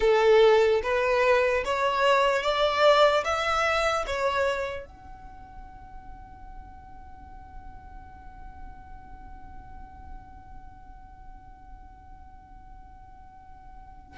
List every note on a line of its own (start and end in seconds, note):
0.00 0.81 A4
0.83 1.64 B4
1.64 2.43 C#5
2.43 3.24 D5
3.24 4.05 E5
4.06 4.86 C#5
4.86 14.17 F#5